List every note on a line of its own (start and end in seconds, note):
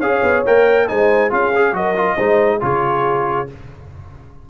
0.00 0.22 C#4
0.00 0.46 G#4
0.00 0.86 C#5
0.00 0.44 F5
0.23 0.45 B3
0.46 0.90 A#3
0.46 0.88 A#4
0.46 0.88 G5
0.88 1.32 G#3
0.88 1.30 D#4
0.88 1.32 C5
0.88 1.31 G#5
1.30 1.73 C#4
1.30 1.52 F4
1.30 1.76 G#4
1.30 1.76 F5
1.56 1.73 G#4
1.73 2.16 F#3
1.73 1.95 F#4
1.73 2.16 A#4
1.73 2.62 D#5
1.96 2.17 F4
2.16 2.62 G#3
2.16 2.61 D#4
2.16 2.59 C5
2.61 3.49 C#3
2.61 3.47 F4
2.61 3.49 G#4
2.61 3.50 C#5